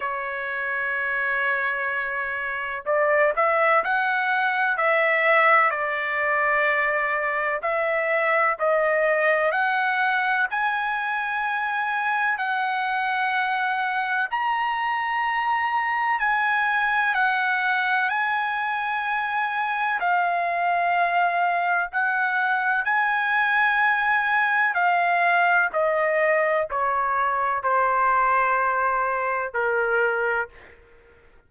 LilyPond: \new Staff \with { instrumentName = "trumpet" } { \time 4/4 \tempo 4 = 63 cis''2. d''8 e''8 | fis''4 e''4 d''2 | e''4 dis''4 fis''4 gis''4~ | gis''4 fis''2 ais''4~ |
ais''4 gis''4 fis''4 gis''4~ | gis''4 f''2 fis''4 | gis''2 f''4 dis''4 | cis''4 c''2 ais'4 | }